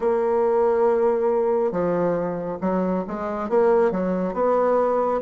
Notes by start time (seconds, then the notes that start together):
0.00 A#3
1.71 F3
2.60 F#3
3.07 G#3
3.49 A#3
3.91 F#3
4.33 B3